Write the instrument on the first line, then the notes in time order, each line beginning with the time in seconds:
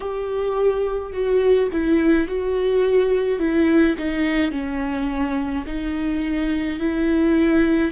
viola
0.00 G4
1.12 F#4
1.71 E4
2.27 F#4
3.39 E4
3.97 D#4
4.51 C#4
5.66 D#4
6.79 E4